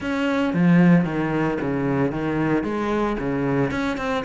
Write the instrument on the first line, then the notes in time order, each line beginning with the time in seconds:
cello
0.00 C#4
0.53 F3
1.05 D#3
1.60 C#3
2.11 D#3
2.63 G#3
3.19 C#3
3.70 C#4
3.97 C4